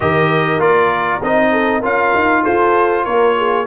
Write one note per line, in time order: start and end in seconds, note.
0.00 0.58 D#3
0.00 0.59 G4
0.00 1.51 A#4
0.00 0.61 D#5
0.58 1.20 A#3
0.58 1.20 F4
0.58 1.22 D5
1.22 1.83 C4
1.22 1.82 D#4
1.22 1.84 D#5
1.51 1.79 A4
1.79 2.14 C#4
1.79 3.66 F4
1.79 2.40 A#4
1.79 2.44 F5
2.14 2.45 D#4
2.43 3.07 F4
2.43 3.04 A4
2.43 3.05 C5
3.04 3.67 A#3
3.04 3.35 A#4
3.04 3.66 C#5
3.37 3.67 G#4